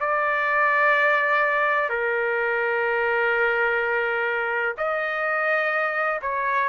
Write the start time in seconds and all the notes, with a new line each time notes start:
0.00 D5
1.89 A#4
4.77 D#5
6.22 C#5